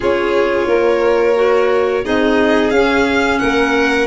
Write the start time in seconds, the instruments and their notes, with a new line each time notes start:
0.00 tuba C#4, clarinet F4, violin G#4 C#5
0.67 tuba A#3, violin A#4
1.35 clarinet F#4
2.03 tuba C4, clarinet D#4, violin G#4 D#5
2.70 tuba C#4, clarinet C#4, violin F5
3.38 tuba A#3, violin A#4 F#5